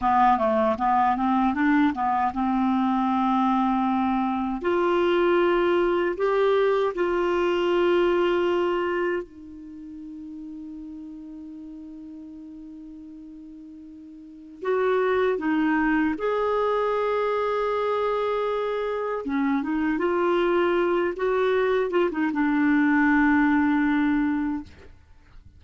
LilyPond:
\new Staff \with { instrumentName = "clarinet" } { \time 4/4 \tempo 4 = 78 b8 a8 b8 c'8 d'8 b8 c'4~ | c'2 f'2 | g'4 f'2. | dis'1~ |
dis'2. fis'4 | dis'4 gis'2.~ | gis'4 cis'8 dis'8 f'4. fis'8~ | fis'8 f'16 dis'16 d'2. | }